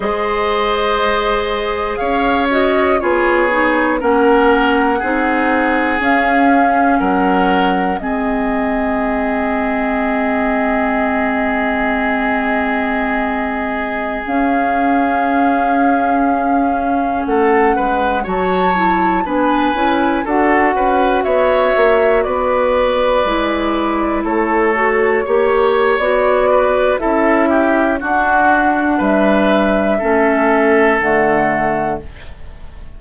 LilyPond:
<<
  \new Staff \with { instrumentName = "flute" } { \time 4/4 \tempo 4 = 60 dis''2 f''8 dis''8 cis''4 | fis''2 f''4 fis''4 | dis''1~ | dis''2~ dis''16 f''4.~ f''16~ |
f''4~ f''16 fis''4 a''4 gis''8.~ | gis''16 fis''4 e''4 d''4.~ d''16~ | d''16 cis''4.~ cis''16 d''4 e''4 | fis''4 e''2 fis''4 | }
  \new Staff \with { instrumentName = "oboe" } { \time 4/4 c''2 cis''4 gis'4 | ais'4 gis'2 ais'4 | gis'1~ | gis'1~ |
gis'4~ gis'16 a'8 b'8 cis''4 b'8.~ | b'16 a'8 b'8 cis''4 b'4.~ b'16~ | b'16 a'4 cis''4~ cis''16 b'8 a'8 g'8 | fis'4 b'4 a'2 | }
  \new Staff \with { instrumentName = "clarinet" } { \time 4/4 gis'2~ gis'8 fis'8 f'8 dis'8 | cis'4 dis'4 cis'2 | c'1~ | c'2~ c'16 cis'4.~ cis'16~ |
cis'2~ cis'16 fis'8 e'8 d'8 e'16~ | e'16 fis'2. e'8.~ | e'8. fis'8 g'8. fis'4 e'4 | d'2 cis'4 a4 | }
  \new Staff \with { instrumentName = "bassoon" } { \time 4/4 gis2 cis'4 b4 | ais4 c'4 cis'4 fis4 | gis1~ | gis2~ gis16 cis'4.~ cis'16~ |
cis'4~ cis'16 a8 gis8 fis4 b8 cis'16~ | cis'16 d'8 cis'8 b8 ais8 b4 gis8.~ | gis16 a4 ais8. b4 cis'4 | d'4 g4 a4 d4 | }
>>